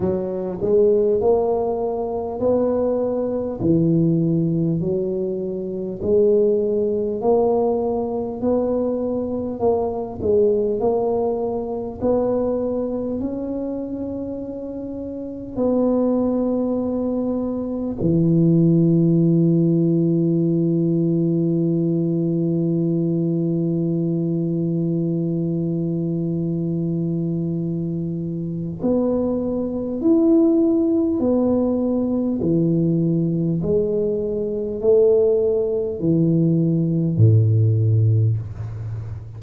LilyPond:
\new Staff \with { instrumentName = "tuba" } { \time 4/4 \tempo 4 = 50 fis8 gis8 ais4 b4 e4 | fis4 gis4 ais4 b4 | ais8 gis8 ais4 b4 cis'4~ | cis'4 b2 e4~ |
e1~ | e1 | b4 e'4 b4 e4 | gis4 a4 e4 a,4 | }